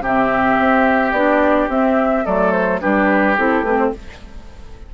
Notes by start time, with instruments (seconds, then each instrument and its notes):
0.00 bassoon C3, clarinet C4, oboe G4, flute E5
0.59 bassoon C4
1.12 bassoon B3, clarinet D4, flute D5
1.68 bassoon C4, clarinet C4, flute E5
2.25 bassoon F#3, clarinet A3, oboe A4, flute D5
2.52 flute C5
2.81 bassoon G3, clarinet D4, oboe G4, flute B4
3.37 bassoon C4, clarinet E4, flute A4
3.62 bassoon A3, clarinet C4, flute B4
3.78 flute C5